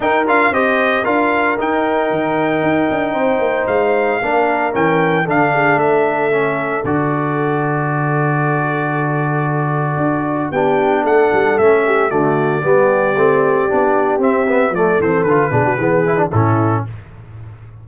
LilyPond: <<
  \new Staff \with { instrumentName = "trumpet" } { \time 4/4 \tempo 4 = 114 g''8 f''8 dis''4 f''4 g''4~ | g''2. f''4~ | f''4 g''4 f''4 e''4~ | e''4 d''2.~ |
d''1 | g''4 fis''4 e''4 d''4~ | d''2. e''4 | d''8 c''8 b'2 a'4 | }
  \new Staff \with { instrumentName = "horn" } { \time 4/4 ais'4 c''4 ais'2~ | ais'2 c''2 | ais'2 a'8 gis'8 a'4~ | a'1~ |
a'1 | g'4 a'4. g'8 fis'4 | g'1 | a'4. gis'16 fis'16 gis'4 e'4 | }
  \new Staff \with { instrumentName = "trombone" } { \time 4/4 dis'8 f'8 g'4 f'4 dis'4~ | dis'1 | d'4 cis'4 d'2 | cis'4 fis'2.~ |
fis'1 | d'2 cis'4 a4 | b4 c'4 d'4 c'8 b8 | a8 c'8 f'8 d'8 b8 e'16 d'16 cis'4 | }
  \new Staff \with { instrumentName = "tuba" } { \time 4/4 dis'8 d'8 c'4 d'4 dis'4 | dis4 dis'8 d'8 c'8 ais8 gis4 | ais4 e4 d4 a4~ | a4 d2.~ |
d2. d'4 | b4 a8 g8 a4 d4 | g4 a4 b4 c'4 | f8 e8 d8 b,8 e4 a,4 | }
>>